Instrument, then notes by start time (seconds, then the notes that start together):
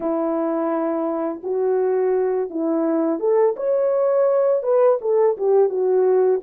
horn
0.00 E4
1.43 F#4
2.50 E4
3.19 A4
3.56 C#5
4.62 B4
5.01 A4
5.37 G4
5.69 F#4